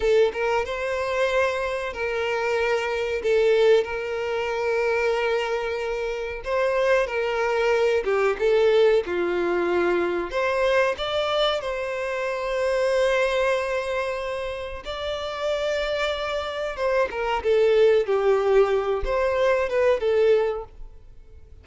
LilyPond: \new Staff \with { instrumentName = "violin" } { \time 4/4 \tempo 4 = 93 a'8 ais'8 c''2 ais'4~ | ais'4 a'4 ais'2~ | ais'2 c''4 ais'4~ | ais'8 g'8 a'4 f'2 |
c''4 d''4 c''2~ | c''2. d''4~ | d''2 c''8 ais'8 a'4 | g'4. c''4 b'8 a'4 | }